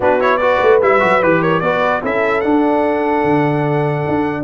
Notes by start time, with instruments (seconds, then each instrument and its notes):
0.00 tuba B3, trombone D4, horn F#4, trumpet B4
0.19 trombone E4, trumpet C#5
0.37 trombone F#4, horn B4, trumpet D5
0.61 tuba A3
0.81 tuba G3, trombone E4, trumpet E5
0.99 tuba F#3, trombone F#4
1.22 tuba E3, trombone G4, trumpet B4
1.40 horn A#4, trumpet C#5
1.60 tuba B3, trombone F#4, horn B4, trumpet D5
2.02 tuba C#4, trombone E4, horn A4, trumpet E5
2.41 trombone D4, tuba D4, trumpet F#5
3.23 tuba D3
4.08 tuba D4